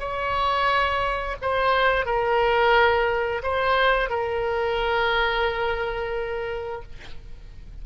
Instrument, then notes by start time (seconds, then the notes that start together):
oboe
0.00 C#5
1.42 C5
2.06 A#4
3.43 C5
4.10 A#4